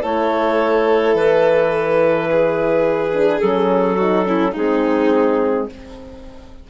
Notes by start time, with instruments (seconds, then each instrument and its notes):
0.00 bassoon A3, horn E4, violin A4, clarinet C#5
1.14 bassoon E3, clarinet B4
2.31 violin G#4
3.13 horn D4
3.39 bassoon F#3, horn C#4, clarinet A4
3.96 horn D#4, violin F#4
4.24 horn C#4, violin E4
4.51 bassoon G#3, horn C4, violin D#4, clarinet G#4